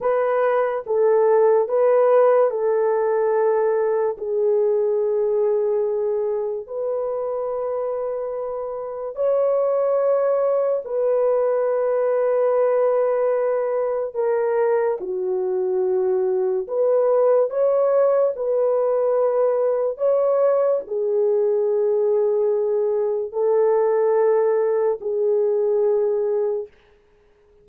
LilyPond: \new Staff \with { instrumentName = "horn" } { \time 4/4 \tempo 4 = 72 b'4 a'4 b'4 a'4~ | a'4 gis'2. | b'2. cis''4~ | cis''4 b'2.~ |
b'4 ais'4 fis'2 | b'4 cis''4 b'2 | cis''4 gis'2. | a'2 gis'2 | }